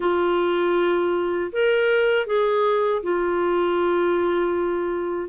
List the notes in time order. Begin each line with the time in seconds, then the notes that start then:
0.00 F4
1.52 A#4
2.26 G#4
3.02 F4